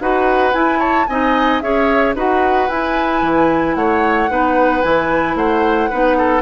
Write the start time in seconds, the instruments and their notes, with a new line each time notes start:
0.00 bassoon D#4, clarinet F#4, oboe B4, flute F#5
0.52 clarinet E4, bassoon E4, flute G#5
0.79 oboe C#5, flute A5
1.07 bassoon C4, clarinet D#4, oboe D#5, flute G#5
1.60 bassoon C#4, clarinet G#4, oboe C#5, flute E5
2.15 bassoon D#4, clarinet F#4, oboe B4, flute F#5
2.69 bassoon E4, clarinet E4, flute G#5
3.22 bassoon E3
3.75 bassoon A3, oboe C#5, flute F#5
4.30 bassoon B3, clarinet D#4, oboe B4
4.82 bassoon E3, clarinet E4, flute G#5
5.35 bassoon A3, oboe C5, flute F#5
5.90 bassoon B3, clarinet D#4, oboe B4
6.17 oboe A4